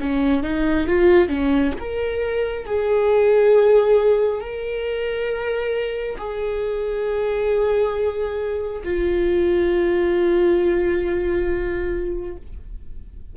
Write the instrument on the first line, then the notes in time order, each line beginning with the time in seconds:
viola
0.00 C#4
0.43 D#4
0.87 F4
1.29 C#4
1.79 A#4
2.66 G#4
4.40 A#4
6.18 G#4
8.84 F4